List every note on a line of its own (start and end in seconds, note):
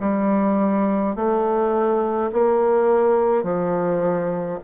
0.00 1.15 G3
1.15 2.31 A3
2.32 3.43 A#3
3.43 4.58 F3